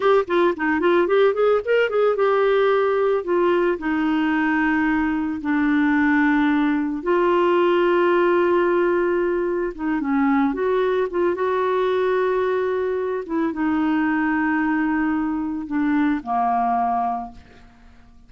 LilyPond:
\new Staff \with { instrumentName = "clarinet" } { \time 4/4 \tempo 4 = 111 g'8 f'8 dis'8 f'8 g'8 gis'8 ais'8 gis'8 | g'2 f'4 dis'4~ | dis'2 d'2~ | d'4 f'2.~ |
f'2 dis'8 cis'4 fis'8~ | fis'8 f'8 fis'2.~ | fis'8 e'8 dis'2.~ | dis'4 d'4 ais2 | }